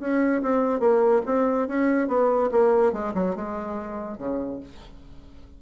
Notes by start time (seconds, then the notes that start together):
0.00 C#4
0.43 C4
0.80 A#3
1.26 C4
1.68 C#4
2.08 B3
2.52 A#3
2.93 G#3
3.14 F#3
3.36 G#3
4.18 C#3